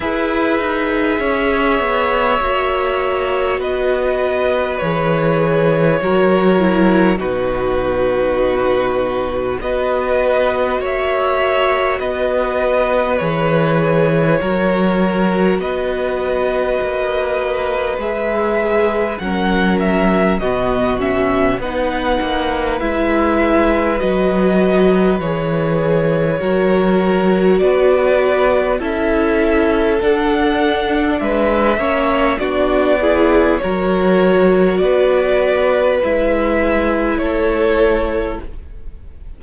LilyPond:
<<
  \new Staff \with { instrumentName = "violin" } { \time 4/4 \tempo 4 = 50 e''2. dis''4 | cis''2 b'2 | dis''4 e''4 dis''4 cis''4~ | cis''4 dis''2 e''4 |
fis''8 e''8 dis''8 e''8 fis''4 e''4 | dis''4 cis''2 d''4 | e''4 fis''4 e''4 d''4 | cis''4 d''4 e''4 cis''4 | }
  \new Staff \with { instrumentName = "violin" } { \time 4/4 b'4 cis''2 b'4~ | b'4 ais'4 fis'2 | b'4 cis''4 b'2 | ais'4 b'2. |
ais'4 fis'4 b'2~ | b'2 ais'4 b'4 | a'2 b'8 cis''8 fis'8 gis'8 | ais'4 b'2 a'4 | }
  \new Staff \with { instrumentName = "viola" } { \time 4/4 gis'2 fis'2 | gis'4 fis'8 e'8 dis'2 | fis'2. gis'4 | fis'2. gis'4 |
cis'4 b8 cis'8 dis'4 e'4 | fis'4 gis'4 fis'2 | e'4 d'4. cis'8 d'8 e'8 | fis'2 e'2 | }
  \new Staff \with { instrumentName = "cello" } { \time 4/4 e'8 dis'8 cis'8 b8 ais4 b4 | e4 fis4 b,2 | b4 ais4 b4 e4 | fis4 b4 ais4 gis4 |
fis4 b,4 b8 ais8 gis4 | fis4 e4 fis4 b4 | cis'4 d'4 gis8 ais8 b4 | fis4 b4 gis4 a4 | }
>>